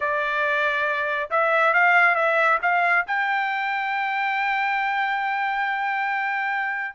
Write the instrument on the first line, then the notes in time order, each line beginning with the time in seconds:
trumpet
0.00 D5
1.30 E5
1.73 F5
2.15 E5
2.61 F5
3.07 G5